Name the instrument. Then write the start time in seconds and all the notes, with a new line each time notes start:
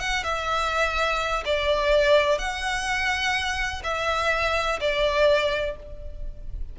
violin
0.00 F#5
0.24 E5
1.46 D5
2.39 F#5
3.84 E5
4.81 D5